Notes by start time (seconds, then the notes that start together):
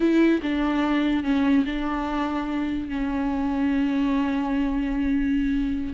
0.00 E4
0.42 D4
1.23 C#4
1.65 D4
2.88 C#4